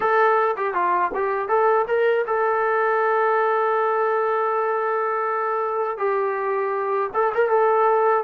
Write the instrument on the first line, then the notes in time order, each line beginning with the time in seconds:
trombone
0.00 A4
0.56 G4
0.73 F4
1.14 G4
1.48 A4
1.88 A#4
2.27 A4
5.97 G4
7.14 A4
7.34 A#4
7.49 A4